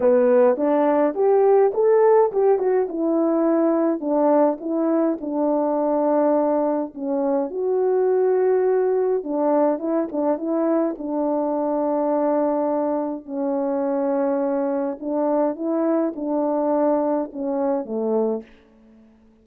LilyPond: \new Staff \with { instrumentName = "horn" } { \time 4/4 \tempo 4 = 104 b4 d'4 g'4 a'4 | g'8 fis'8 e'2 d'4 | e'4 d'2. | cis'4 fis'2. |
d'4 e'8 d'8 e'4 d'4~ | d'2. cis'4~ | cis'2 d'4 e'4 | d'2 cis'4 a4 | }